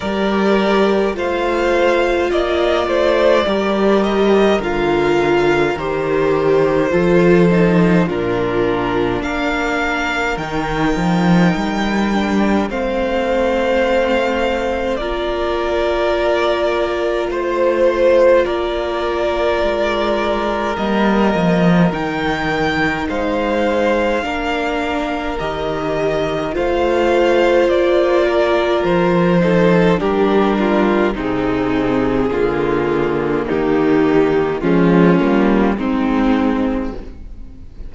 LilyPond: <<
  \new Staff \with { instrumentName = "violin" } { \time 4/4 \tempo 4 = 52 d''4 f''4 d''4. dis''8 | f''4 c''2 ais'4 | f''4 g''2 f''4~ | f''4 d''2 c''4 |
d''2 dis''4 g''4 | f''2 dis''4 f''4 | d''4 c''4 ais'4 gis'4~ | gis'4 g'4 f'4 dis'4 | }
  \new Staff \with { instrumentName = "violin" } { \time 4/4 ais'4 c''4 dis''8 c''8 ais'4~ | ais'2 a'4 f'4 | ais'2. c''4~ | c''4 ais'2 c''4 |
ais'1 | c''4 ais'2 c''4~ | c''8 ais'4 a'8 g'8 f'8 dis'4 | f'4 dis'4 cis'4 c'4 | }
  \new Staff \with { instrumentName = "viola" } { \time 4/4 g'4 f'2 g'4 | f'4 g'4 f'8 dis'8 d'4~ | d'4 dis'4. d'8 c'4~ | c'4 f'2.~ |
f'2 ais4 dis'4~ | dis'4 d'4 g'4 f'4~ | f'4. dis'8 d'4 c'4 | ais2 gis8 ais8 c'4 | }
  \new Staff \with { instrumentName = "cello" } { \time 4/4 g4 a4 ais8 a8 g4 | d4 dis4 f4 ais,4 | ais4 dis8 f8 g4 a4~ | a4 ais2 a4 |
ais4 gis4 g8 f8 dis4 | gis4 ais4 dis4 a4 | ais4 f4 g4 c4 | d4 dis4 f8 g8 gis4 | }
>>